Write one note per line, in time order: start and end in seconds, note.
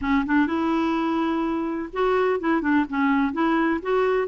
0.01 0.25 C#4
0.26 0.46 D4
0.46 1.89 E4
1.93 2.40 F#4
2.40 2.61 E4
2.61 2.85 D4
2.89 3.32 C#4
3.32 3.80 E4
3.82 4.28 F#4